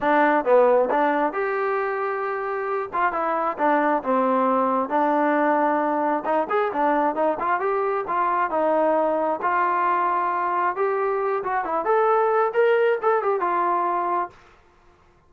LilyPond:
\new Staff \with { instrumentName = "trombone" } { \time 4/4 \tempo 4 = 134 d'4 b4 d'4 g'4~ | g'2~ g'8 f'8 e'4 | d'4 c'2 d'4~ | d'2 dis'8 gis'8 d'4 |
dis'8 f'8 g'4 f'4 dis'4~ | dis'4 f'2. | g'4. fis'8 e'8 a'4. | ais'4 a'8 g'8 f'2 | }